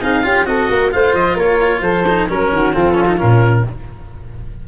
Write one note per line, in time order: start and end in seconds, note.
0.00 0.23 C4
0.00 0.23 D#4
0.00 0.23 G#4
0.00 0.46 F5
0.23 0.46 C#4
0.23 0.45 F4
0.23 0.46 G4
0.45 0.68 C4
0.45 0.91 F#4
0.45 0.69 A4
0.45 0.91 D#5
0.69 0.93 A#3
0.69 0.92 A#4
0.91 1.14 A3
0.91 2.05 F4
0.91 1.34 C5
0.91 1.14 F5
1.14 1.36 F3
1.14 1.37 D#5
1.34 1.81 A#3
1.34 1.80 A#4
1.34 1.81 C#5
1.81 2.27 F3
1.81 2.28 A4
1.81 2.26 C5
2.08 2.28 D#4
2.28 2.52 F#3
2.28 2.73 C#4
2.28 2.52 A#4
2.28 2.74 A#4
2.52 2.75 D#3
2.52 2.74 F#4
2.73 3.21 F3
2.73 2.94 C4
2.73 3.65 F4
2.73 3.19 A4
2.94 3.05 C#4
3.06 3.17 D#4
3.17 3.67 A#2
3.17 3.62 C#4
3.17 3.65 A#4